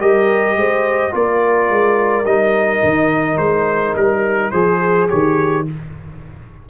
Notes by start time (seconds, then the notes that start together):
0.00 G3 G4 A#4 D#5
0.56 G#3 C5
1.11 A#3 F4 A#4 D5
1.70 G#3
2.25 G3 D#4 D#5
2.83 D#3
3.38 G#3 C5
3.95 G3 A#4
4.52 F3 G#4 C5
5.09 D#3 G4 C#5